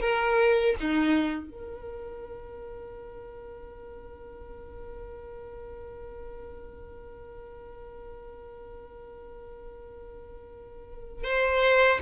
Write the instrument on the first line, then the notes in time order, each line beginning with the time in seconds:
violin
0.00 A#4
0.79 D#4
1.50 A#4
11.24 C5